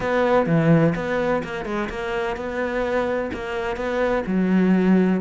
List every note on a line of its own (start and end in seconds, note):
0.00 0.46 B3
0.46 0.93 E3
0.95 1.42 B3
1.43 1.65 A#3
1.65 1.89 G#3
1.89 2.36 A#3
2.36 3.30 B3
3.33 3.76 A#3
3.76 4.23 B3
4.26 5.21 F#3